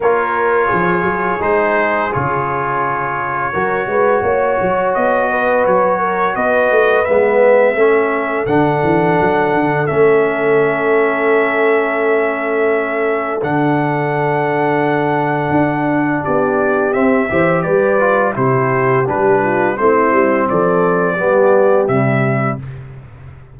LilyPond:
<<
  \new Staff \with { instrumentName = "trumpet" } { \time 4/4 \tempo 4 = 85 cis''2 c''4 cis''4~ | cis''2. dis''4 | cis''4 dis''4 e''2 | fis''2 e''2~ |
e''2. fis''4~ | fis''2. d''4 | e''4 d''4 c''4 b'4 | c''4 d''2 e''4 | }
  \new Staff \with { instrumentName = "horn" } { \time 4/4 ais'4 gis'2.~ | gis'4 ais'8 b'8 cis''4. b'8~ | b'8 ais'8 b'2 a'4~ | a'1~ |
a'1~ | a'2. g'4~ | g'8 c''8 b'4 g'4. f'8 | e'4 a'4 g'2 | }
  \new Staff \with { instrumentName = "trombone" } { \time 4/4 f'2 dis'4 f'4~ | f'4 fis'2.~ | fis'2 b4 cis'4 | d'2 cis'2~ |
cis'2. d'4~ | d'1 | c'8 g'4 f'8 e'4 d'4 | c'2 b4 g4 | }
  \new Staff \with { instrumentName = "tuba" } { \time 4/4 ais4 f8 fis8 gis4 cis4~ | cis4 fis8 gis8 ais8 fis8 b4 | fis4 b8 a8 gis4 a4 | d8 e8 fis8 d8 a2~ |
a2. d4~ | d2 d'4 b4 | c'8 e8 g4 c4 g4 | a8 g8 f4 g4 c4 | }
>>